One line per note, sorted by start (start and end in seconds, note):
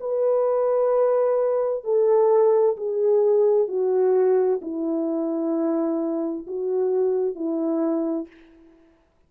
0.00 1.84 B4
1.84 2.77 A4
2.77 3.68 G#4
3.68 4.61 F#4
4.62 6.46 E4
6.47 7.35 F#4
7.35 8.27 E4